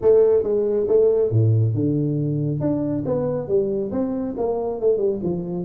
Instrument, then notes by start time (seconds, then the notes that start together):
tuba
0.01 A3
0.43 G#3
0.88 A3
1.30 A2
1.74 D3
2.60 D4
3.05 B3
3.47 G3
3.91 C4
4.37 A#3
4.80 A3
4.97 G3
5.22 F3